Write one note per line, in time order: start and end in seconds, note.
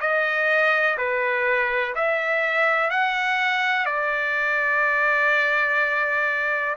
0.00 0.97 D#5
0.97 1.94 B4
1.95 2.90 E5
2.90 3.85 F#5
3.85 6.76 D5